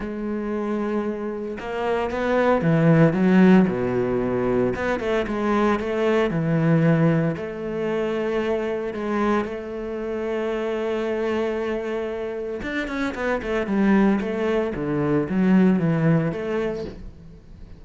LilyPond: \new Staff \with { instrumentName = "cello" } { \time 4/4 \tempo 4 = 114 gis2. ais4 | b4 e4 fis4 b,4~ | b,4 b8 a8 gis4 a4 | e2 a2~ |
a4 gis4 a2~ | a1 | d'8 cis'8 b8 a8 g4 a4 | d4 fis4 e4 a4 | }